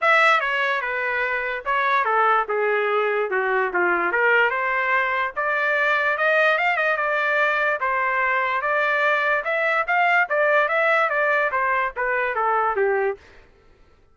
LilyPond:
\new Staff \with { instrumentName = "trumpet" } { \time 4/4 \tempo 4 = 146 e''4 cis''4 b'2 | cis''4 a'4 gis'2 | fis'4 f'4 ais'4 c''4~ | c''4 d''2 dis''4 |
f''8 dis''8 d''2 c''4~ | c''4 d''2 e''4 | f''4 d''4 e''4 d''4 | c''4 b'4 a'4 g'4 | }